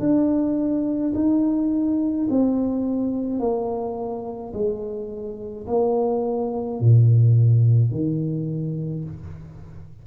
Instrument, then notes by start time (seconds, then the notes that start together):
tuba
0.00 D4
1.15 D#4
2.30 C4
3.40 A#3
4.53 G#3
5.67 A#3
6.80 A#2
7.91 D#3